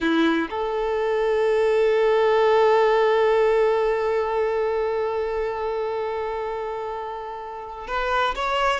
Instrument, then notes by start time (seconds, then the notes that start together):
violin
0.01 E4
0.50 A4
7.87 B4
8.35 C#5